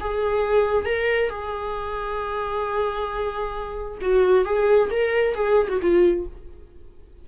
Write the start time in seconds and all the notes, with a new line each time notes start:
0.00 G#4
0.85 A#4
1.29 G#4
4.01 F#4
4.45 G#4
4.90 A#4
5.34 G#4
5.68 F#4
5.81 F4